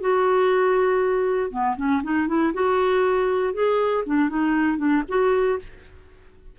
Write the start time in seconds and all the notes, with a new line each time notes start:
0.00 F#4
1.51 B3
1.77 C#4
2.03 D#4
2.27 E4
2.53 F#4
3.53 G#4
4.06 D4
4.29 D#4
4.77 D4
5.08 F#4